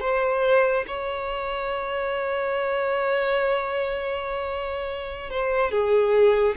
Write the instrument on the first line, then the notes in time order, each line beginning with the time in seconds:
violin
0.00 C5
0.87 C#5
5.30 C5
5.70 G#4